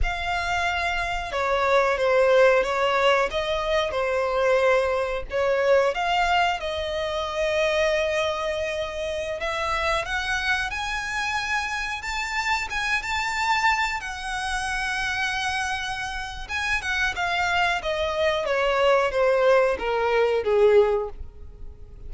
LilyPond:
\new Staff \with { instrumentName = "violin" } { \time 4/4 \tempo 4 = 91 f''2 cis''4 c''4 | cis''4 dis''4 c''2 | cis''4 f''4 dis''2~ | dis''2~ dis''16 e''4 fis''8.~ |
fis''16 gis''2 a''4 gis''8 a''16~ | a''4~ a''16 fis''2~ fis''8.~ | fis''4 gis''8 fis''8 f''4 dis''4 | cis''4 c''4 ais'4 gis'4 | }